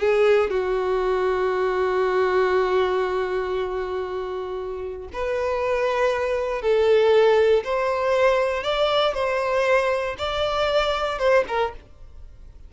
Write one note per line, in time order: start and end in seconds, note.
0.00 0.50 G#4
0.50 5.08 F#4
5.13 6.62 B4
6.62 7.63 A4
7.64 8.63 C5
8.63 9.14 D5
9.15 10.16 C5
10.18 11.19 D5
11.19 11.44 C5
11.48 11.73 A#4